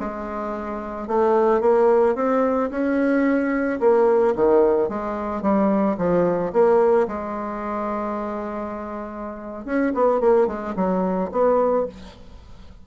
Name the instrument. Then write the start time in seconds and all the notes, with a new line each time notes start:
bassoon
0.00 G#3
1.08 A3
1.61 A#3
2.16 C4
2.71 C#4
3.80 A#3
4.36 D#3
4.89 G#3
5.42 G3
5.98 F3
6.53 A#3
7.08 G#3
9.65 C#4
9.95 B3
10.20 A#3
10.47 G#3
10.76 F#3
11.32 B3